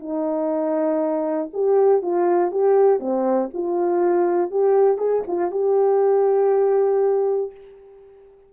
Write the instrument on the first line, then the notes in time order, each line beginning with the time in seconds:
horn
0.00 D#4
1.53 G4
2.02 F4
2.52 G4
3.00 C4
3.54 F4
4.51 G4
4.98 G#4
5.27 F4
5.51 G4